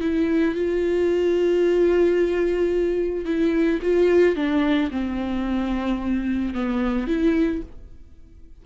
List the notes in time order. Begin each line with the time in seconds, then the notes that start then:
0.00 E4
0.55 F4
3.25 E4
3.82 F4
4.36 D4
4.91 C4
6.54 B3
7.07 E4